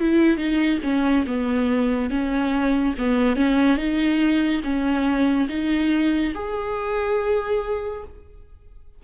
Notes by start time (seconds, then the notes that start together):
0.00 E4
0.37 D#4
0.83 C#4
1.27 B3
2.10 C#4
2.98 B3
3.36 C#4
3.77 D#4
4.63 C#4
5.49 D#4
6.34 G#4